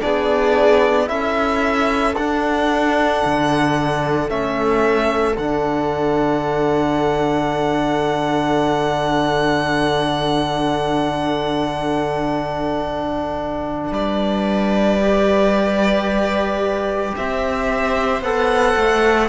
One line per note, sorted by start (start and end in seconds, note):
0.00 1.10 B3
0.00 1.07 D4
0.00 1.10 G#4
0.00 1.09 D5
1.07 2.16 C#4
1.07 2.14 E4
1.07 13.93 A4
1.07 2.16 E5
2.16 3.23 D4
2.16 4.29 D4
2.16 4.30 F#5
3.25 4.30 D3
4.29 5.37 A3
4.29 5.36 C#4
4.29 5.37 E5
5.37 13.91 D3
5.37 15.01 D4
5.37 13.94 F#5
13.91 17.13 G3
13.91 17.14 B4
13.91 17.15 D5
15.01 18.22 G4
17.17 18.21 C4
17.17 19.29 C5
17.17 18.23 E5
18.21 18.75 B3
18.21 19.29 A4
18.21 19.29 F#5
18.77 19.29 A3